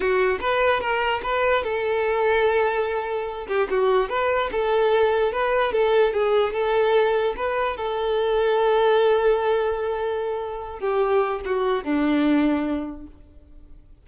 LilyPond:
\new Staff \with { instrumentName = "violin" } { \time 4/4 \tempo 4 = 147 fis'4 b'4 ais'4 b'4 | a'1~ | a'8 g'8 fis'4 b'4 a'4~ | a'4 b'4 a'4 gis'4 |
a'2 b'4 a'4~ | a'1~ | a'2~ a'8 g'4. | fis'4 d'2. | }